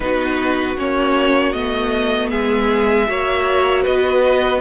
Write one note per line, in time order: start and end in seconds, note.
0.00 0.77 B3
0.00 0.76 D#4
0.00 2.30 F#4
0.00 0.77 B4
0.77 1.54 A#3
0.77 1.54 C#4
0.77 1.52 C#5
1.52 2.31 A3
1.52 3.07 B3
1.52 2.29 D#5
2.30 3.08 G#3
2.30 3.07 G#4
2.30 3.83 E5
3.07 3.85 A#3
3.07 4.61 F#4
3.07 3.82 C#5
3.82 4.61 B3
3.82 4.59 B4
3.82 4.61 D#5